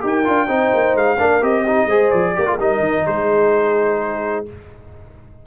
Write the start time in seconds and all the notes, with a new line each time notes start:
0.00 D#4 G4 A#4
0.06 G5
0.24 D4 F4
0.47 C4 D#4 C5
0.74 A#3
0.94 G#3 F5
1.17 A#3 D4 A#4
1.41 C4 G4 D#5
1.63 D#4 G4
1.86 G#3 G#4 C5
2.10 F3 D5
2.35 A#3 G4 A#4
2.46 F4 G#4
2.58 G3 D#4 A#4 D#5
2.79 D#3
3.06 G#3 G#4 C5